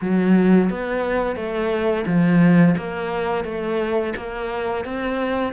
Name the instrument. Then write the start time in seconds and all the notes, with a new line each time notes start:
cello
0.01 F#3
0.70 B3
1.35 A3
2.06 F3
2.77 A#3
3.44 A3
4.16 A#3
4.84 C4